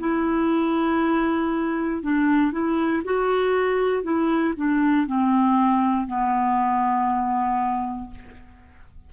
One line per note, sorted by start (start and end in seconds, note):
0.00 2.03 E4
2.03 2.52 D4
2.52 3.03 E4
3.05 4.04 F#4
4.04 4.54 E4
4.57 5.07 D4
5.07 6.07 C4
6.07 8.11 B3